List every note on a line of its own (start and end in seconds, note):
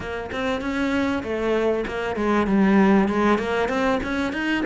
0.00 0.30 A#3
0.31 0.61 C4
0.61 1.23 C#4
1.23 1.84 A3
1.87 2.15 A#3
2.15 2.46 G#3
2.47 3.08 G3
3.08 3.38 G#3
3.38 3.68 A#3
3.68 3.99 C4
4.03 4.32 C#4
4.32 4.63 D#4